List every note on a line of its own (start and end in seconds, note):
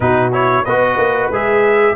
0.00 0.64 B2
0.00 0.32 D#4
0.00 0.64 F#4
0.00 0.32 B4
0.32 0.64 E4
0.32 0.64 C#5
0.64 0.96 B3
0.64 1.32 F#4
0.64 1.94 B4
0.64 1.29 D#5
0.96 1.29 A#3
1.30 1.95 G#3
1.30 1.95 G#4
1.30 1.95 E5